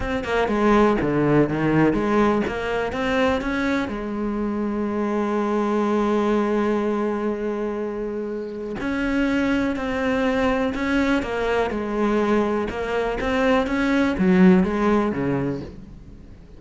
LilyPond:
\new Staff \with { instrumentName = "cello" } { \time 4/4 \tempo 4 = 123 c'8 ais8 gis4 d4 dis4 | gis4 ais4 c'4 cis'4 | gis1~ | gis1~ |
gis2 cis'2 | c'2 cis'4 ais4 | gis2 ais4 c'4 | cis'4 fis4 gis4 cis4 | }